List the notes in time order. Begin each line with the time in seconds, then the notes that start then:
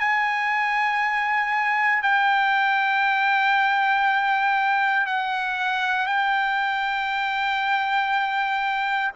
0.00 G#5
2.02 G5
5.07 F#5
6.06 G5